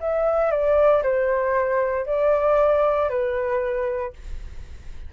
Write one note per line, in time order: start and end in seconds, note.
0.00 0.51 E5
0.51 1.03 D5
1.03 2.05 C5
2.05 3.09 D5
3.09 4.13 B4